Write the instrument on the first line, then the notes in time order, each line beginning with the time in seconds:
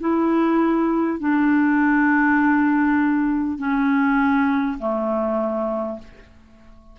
clarinet
0.00 E4
1.19 D4
3.58 C#4
4.78 A3